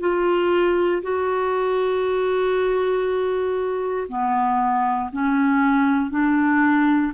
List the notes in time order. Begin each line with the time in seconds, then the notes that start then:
0.00 F4
1.02 F#4
4.08 B3
5.12 C#4
6.11 D4